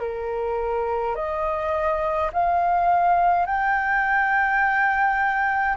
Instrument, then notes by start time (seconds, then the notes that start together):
flute
0.00 A#4
1.16 D#5
2.33 F5
3.47 G5